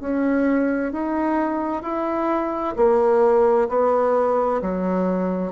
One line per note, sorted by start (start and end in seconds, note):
0.00 0.92 C#4
0.92 1.83 D#4
1.83 2.75 E4
2.76 3.68 A#3
3.69 4.61 B3
4.61 5.52 F#3